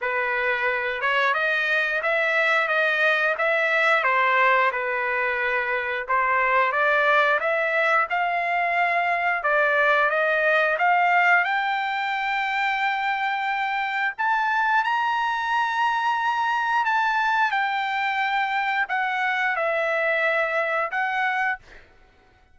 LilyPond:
\new Staff \with { instrumentName = "trumpet" } { \time 4/4 \tempo 4 = 89 b'4. cis''8 dis''4 e''4 | dis''4 e''4 c''4 b'4~ | b'4 c''4 d''4 e''4 | f''2 d''4 dis''4 |
f''4 g''2.~ | g''4 a''4 ais''2~ | ais''4 a''4 g''2 | fis''4 e''2 fis''4 | }